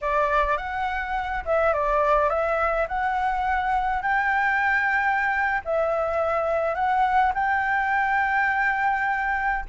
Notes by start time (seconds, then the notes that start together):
0.01 D5
0.57 F#5
1.45 E5
1.73 D5
2.29 E5
2.88 F#5
4.02 G5
5.64 E5
6.74 F#5
7.34 G5